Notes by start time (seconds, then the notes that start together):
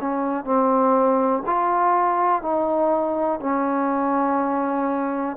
0.00 C#4
0.44 C4
1.45 F4
2.42 D#4
3.40 C#4